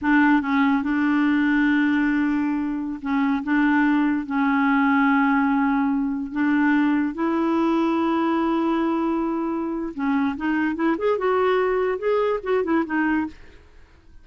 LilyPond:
\new Staff \with { instrumentName = "clarinet" } { \time 4/4 \tempo 4 = 145 d'4 cis'4 d'2~ | d'2.~ d'16 cis'8.~ | cis'16 d'2 cis'4.~ cis'16~ | cis'2.~ cis'16 d'8.~ |
d'4~ d'16 e'2~ e'8.~ | e'1 | cis'4 dis'4 e'8 gis'8 fis'4~ | fis'4 gis'4 fis'8 e'8 dis'4 | }